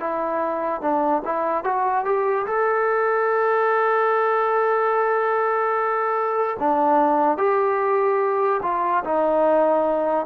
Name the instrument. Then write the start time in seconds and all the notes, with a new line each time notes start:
trombone
0.00 E4
0.81 D4
1.25 E4
1.64 F#4
2.05 G4
2.46 A4
6.59 D4
7.38 G4
8.63 F4
9.04 D#4